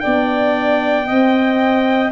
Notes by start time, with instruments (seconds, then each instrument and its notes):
0.00 tuba B3, horn D4, clarinet D5, trumpet G5
1.05 horn C4, tuba C4, clarinet D#5